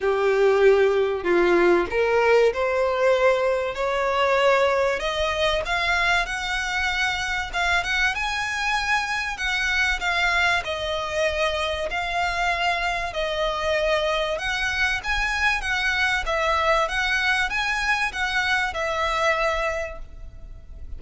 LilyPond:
\new Staff \with { instrumentName = "violin" } { \time 4/4 \tempo 4 = 96 g'2 f'4 ais'4 | c''2 cis''2 | dis''4 f''4 fis''2 | f''8 fis''8 gis''2 fis''4 |
f''4 dis''2 f''4~ | f''4 dis''2 fis''4 | gis''4 fis''4 e''4 fis''4 | gis''4 fis''4 e''2 | }